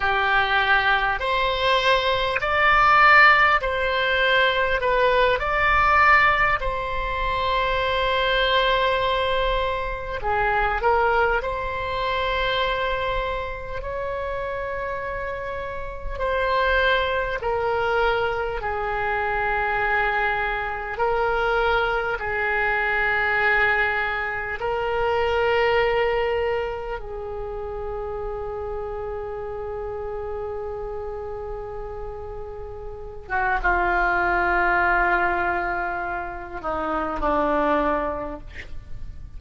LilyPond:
\new Staff \with { instrumentName = "oboe" } { \time 4/4 \tempo 4 = 50 g'4 c''4 d''4 c''4 | b'8 d''4 c''2~ c''8~ | c''8 gis'8 ais'8 c''2 cis''8~ | cis''4. c''4 ais'4 gis'8~ |
gis'4. ais'4 gis'4.~ | gis'8 ais'2 gis'4.~ | gis'2.~ gis'8. fis'16 | f'2~ f'8 dis'8 d'4 | }